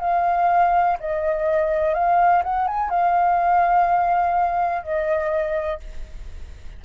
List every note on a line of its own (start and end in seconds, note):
0.00 0.97 F5
1.00 1.94 D#5
1.94 2.42 F5
2.43 2.67 F#5
2.67 2.89 G#5
2.89 4.83 F5
4.83 5.80 D#5